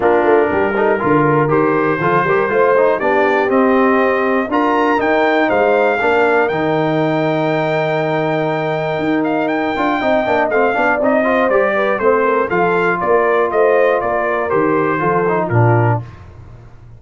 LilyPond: <<
  \new Staff \with { instrumentName = "trumpet" } { \time 4/4 \tempo 4 = 120 ais'2. c''4~ | c''2 d''4 dis''4~ | dis''4 ais''4 g''4 f''4~ | f''4 g''2.~ |
g''2~ g''8 f''8 g''4~ | g''4 f''4 dis''4 d''4 | c''4 f''4 d''4 dis''4 | d''4 c''2 ais'4 | }
  \new Staff \with { instrumentName = "horn" } { \time 4/4 f'4 g'8 a'8 ais'2 | a'8 ais'8 c''4 g'2~ | g'4 ais'2 c''4 | ais'1~ |
ais'1 | dis''4. d''4 c''4 b'8 | c''8 ais'8 a'4 ais'4 c''4 | ais'2 a'4 f'4 | }
  \new Staff \with { instrumentName = "trombone" } { \time 4/4 d'4. dis'8 f'4 g'4 | f'8 g'8 f'8 dis'8 d'4 c'4~ | c'4 f'4 dis'2 | d'4 dis'2.~ |
dis'2.~ dis'8 f'8 | dis'8 d'8 c'8 d'8 dis'8 f'8 g'4 | c'4 f'2.~ | f'4 g'4 f'8 dis'8 d'4 | }
  \new Staff \with { instrumentName = "tuba" } { \time 4/4 ais8 a8 g4 d4 dis4 | f8 g8 a4 b4 c'4~ | c'4 d'4 dis'4 gis4 | ais4 dis2.~ |
dis2 dis'4. d'8 | c'8 ais8 a8 b8 c'4 g4 | a4 f4 ais4 a4 | ais4 dis4 f4 ais,4 | }
>>